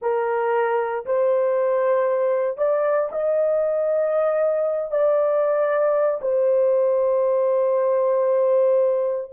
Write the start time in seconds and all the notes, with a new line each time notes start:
0.01 A#4
1.05 C5
2.57 D5
3.11 D#5
4.91 D5
6.21 C5